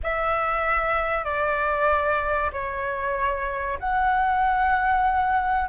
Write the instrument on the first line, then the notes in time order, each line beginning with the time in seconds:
flute
0.03 E5
1.24 D5
2.52 C#5
3.79 F#5